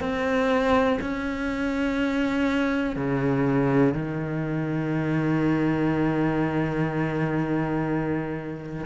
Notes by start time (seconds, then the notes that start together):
0.00 C4
1.01 C#4
2.96 C#3
3.93 D#3